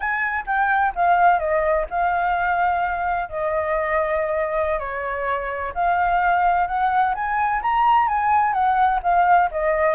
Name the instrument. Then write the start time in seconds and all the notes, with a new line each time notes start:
flute
0.00 G#5
0.46 G5
0.95 F5
1.39 D#5
1.90 F5
3.29 D#5
4.79 C#5
5.74 F5
6.67 F#5
7.14 G#5
7.62 A#5
8.08 G#5
8.53 F#5
9.03 F5
9.51 D#5